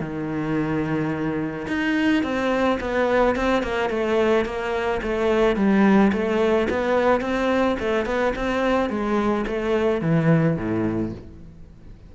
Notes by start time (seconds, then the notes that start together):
0.00 D#3
1.68 D#4
2.23 C4
2.81 B3
3.36 C4
3.63 A#3
3.90 A3
4.45 A#3
5.03 A3
5.56 G3
6.12 A3
6.69 B3
7.21 C4
7.79 A3
8.06 B3
8.36 C4
8.90 G#3
9.47 A3
10.01 E3
10.57 A2